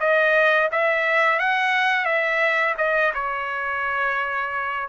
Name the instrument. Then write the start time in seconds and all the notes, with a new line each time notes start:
trumpet
0.00 D#5
0.72 E5
1.39 F#5
2.05 E5
2.78 D#5
3.14 C#5